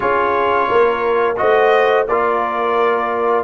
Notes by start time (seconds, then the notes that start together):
0.00 C#4 F4 G#4 C#5
0.68 A#3 A#4
1.36 A3 F#4 C5 D#5
2.07 A#3 F4 A#4 D5